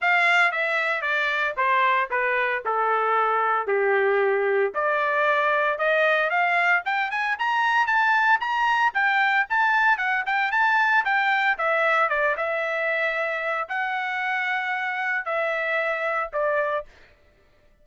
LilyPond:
\new Staff \with { instrumentName = "trumpet" } { \time 4/4 \tempo 4 = 114 f''4 e''4 d''4 c''4 | b'4 a'2 g'4~ | g'4 d''2 dis''4 | f''4 g''8 gis''8 ais''4 a''4 |
ais''4 g''4 a''4 fis''8 g''8 | a''4 g''4 e''4 d''8 e''8~ | e''2 fis''2~ | fis''4 e''2 d''4 | }